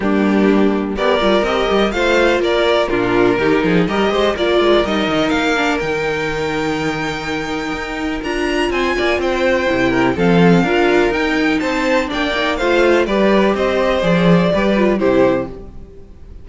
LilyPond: <<
  \new Staff \with { instrumentName = "violin" } { \time 4/4 \tempo 4 = 124 g'2 d''4 dis''4 | f''4 d''4 ais'2 | dis''4 d''4 dis''4 f''4 | g''1~ |
g''4 ais''4 gis''4 g''4~ | g''4 f''2 g''4 | a''4 g''4 f''4 d''4 | dis''4 d''2 c''4 | }
  \new Staff \with { instrumentName = "violin" } { \time 4/4 d'2 ais'2 | c''4 ais'4 f'4 g'8 gis'8 | ais'8 c''8 ais'2.~ | ais'1~ |
ais'2 c''8 d''8 c''4~ | c''8 ais'8 a'4 ais'2 | c''4 d''4 c''4 b'4 | c''2 b'4 g'4 | }
  \new Staff \with { instrumentName = "viola" } { \time 4/4 ais2 g'8 f'8 g'4 | f'2 d'4 dis'4 | g'4 f'4 dis'4. d'8 | dis'1~ |
dis'4 f'2. | e'4 c'4 f'4 dis'4~ | dis'4 d'8 dis'8 f'4 g'4~ | g'4 gis'4 g'8 f'8 e'4 | }
  \new Staff \with { instrumentName = "cello" } { \time 4/4 g2 b8 g8 c'8 g8 | a4 ais4 ais,4 dis8 f8 | g8 gis8 ais8 gis8 g8 dis8 ais4 | dis1 |
dis'4 d'4 c'8 ais8 c'4 | c4 f4 d'4 dis'4 | c'4 ais4 a4 g4 | c'4 f4 g4 c4 | }
>>